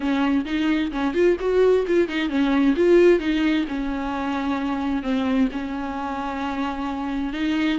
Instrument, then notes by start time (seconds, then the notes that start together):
viola
0.00 C#4
0.45 D#4
0.91 C#4
1.13 F4
1.40 F#4
1.87 F4
2.08 D#4
2.29 C#4
2.76 F4
3.19 D#4
3.68 C#4
5.02 C4
5.52 C#4
7.33 D#4